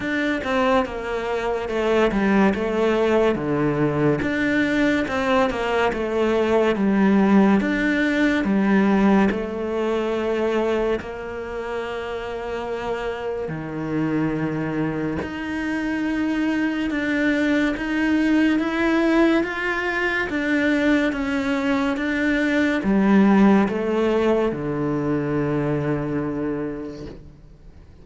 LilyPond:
\new Staff \with { instrumentName = "cello" } { \time 4/4 \tempo 4 = 71 d'8 c'8 ais4 a8 g8 a4 | d4 d'4 c'8 ais8 a4 | g4 d'4 g4 a4~ | a4 ais2. |
dis2 dis'2 | d'4 dis'4 e'4 f'4 | d'4 cis'4 d'4 g4 | a4 d2. | }